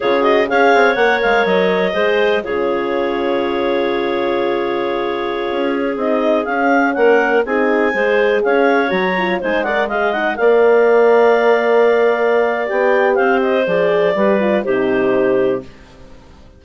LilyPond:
<<
  \new Staff \with { instrumentName = "clarinet" } { \time 4/4 \tempo 4 = 123 cis''8 dis''8 f''4 fis''8 f''8 dis''4~ | dis''4 cis''2.~ | cis''1~ | cis''16 dis''4 f''4 fis''4 gis''8.~ |
gis''4~ gis''16 f''4 ais''4 gis''8 fis''16~ | fis''16 f''8 fis''8 f''2~ f''8.~ | f''2 g''4 f''8 dis''8 | d''2 c''2 | }
  \new Staff \with { instrumentName = "clarinet" } { \time 4/4 gis'4 cis''2. | c''4 gis'2.~ | gis'1~ | gis'2~ gis'16 ais'4 gis'8.~ |
gis'16 c''4 cis''2 c''8 d''16~ | d''16 dis''4 d''2~ d''8.~ | d''2. c''4~ | c''4 b'4 g'2 | }
  \new Staff \with { instrumentName = "horn" } { \time 4/4 f'8 fis'8 gis'4 ais'2 | gis'4 f'2.~ | f'1~ | f'16 dis'4 cis'2 dis'8.~ |
dis'16 gis'2 fis'8 f'8 dis'8 ais'16~ | ais'16 gis'8 dis'8 ais'2~ ais'8.~ | ais'2 g'2 | gis'4 g'8 f'8 dis'2 | }
  \new Staff \with { instrumentName = "bassoon" } { \time 4/4 cis4 cis'8 c'8 ais8 gis8 fis4 | gis4 cis2.~ | cis2.~ cis16 cis'8.~ | cis'16 c'4 cis'4 ais4 c'8.~ |
c'16 gis4 cis'4 fis4 gis8.~ | gis4~ gis16 ais2~ ais8.~ | ais2 b4 c'4 | f4 g4 c2 | }
>>